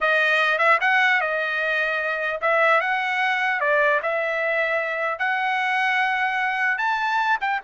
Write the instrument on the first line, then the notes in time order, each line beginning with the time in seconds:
trumpet
0.00 D#5
0.58 E5
0.81 F#5
1.20 D#5
2.41 E5
2.80 F#5
3.60 D5
4.02 E5
5.18 F#5
6.78 A5
7.40 G5